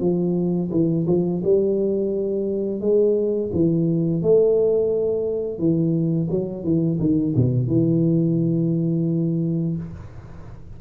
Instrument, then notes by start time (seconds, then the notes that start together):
tuba
0.00 F3
0.71 E3
1.07 F3
1.44 G3
2.80 G#3
3.53 E3
4.22 A3
5.58 E3
6.30 F#3
6.64 E3
6.99 D#3
7.35 B2
7.67 E3